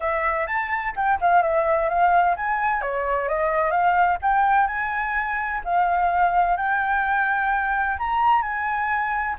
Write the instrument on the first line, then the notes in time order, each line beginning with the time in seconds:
flute
0.00 E5
0.46 A5
0.95 G5
1.20 F5
1.42 E5
1.89 F5
2.36 G#5
2.81 C#5
3.28 D#5
3.71 F5
4.22 G5
4.67 G#5
5.64 F5
6.56 G5
7.98 A#5
8.42 G#5